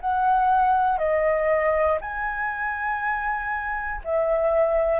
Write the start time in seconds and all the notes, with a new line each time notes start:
0.00 F#5
0.98 D#5
2.00 G#5
4.04 E5